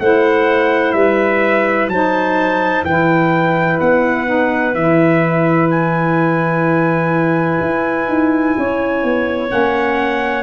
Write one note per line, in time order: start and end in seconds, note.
0.00 0.94 A3
0.00 1.91 E4
0.00 0.96 C5
0.00 0.93 F#5
0.93 1.88 G3
0.93 1.92 B4
0.93 1.88 E5
1.88 2.83 F#3
1.88 2.86 D#4
1.88 2.85 C5
1.88 2.85 A5
2.84 3.79 E3
2.84 4.26 E4
2.84 8.57 B4
2.84 3.80 G5
3.81 4.75 B3
3.81 4.75 F#5
4.26 4.73 D#4
4.75 7.61 E3
4.75 9.48 E4
4.75 5.70 E5
5.70 9.51 G#5
7.61 8.08 E4
8.08 8.55 D#4
8.58 9.04 C#4
8.58 10.43 C#5
9.04 9.51 B3
9.48 10.43 A#3
9.48 10.43 C#4
9.48 10.43 F#5